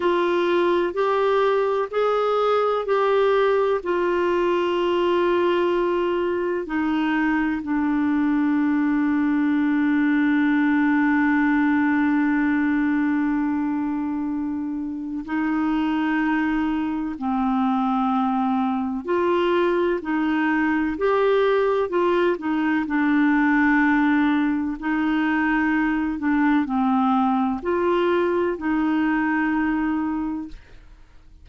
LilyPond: \new Staff \with { instrumentName = "clarinet" } { \time 4/4 \tempo 4 = 63 f'4 g'4 gis'4 g'4 | f'2. dis'4 | d'1~ | d'1 |
dis'2 c'2 | f'4 dis'4 g'4 f'8 dis'8 | d'2 dis'4. d'8 | c'4 f'4 dis'2 | }